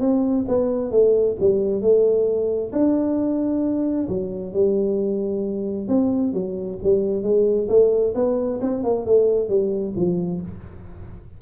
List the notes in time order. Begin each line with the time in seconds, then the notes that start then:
0.00 C4
0.48 B3
0.91 A3
1.40 G3
1.81 A3
2.72 D4
4.08 F#3
4.53 G3
5.88 C4
6.33 F#3
6.83 G3
7.23 G#3
7.69 A3
8.14 B3
8.61 C4
8.83 A#3
9.06 A3
9.49 G3
9.96 F3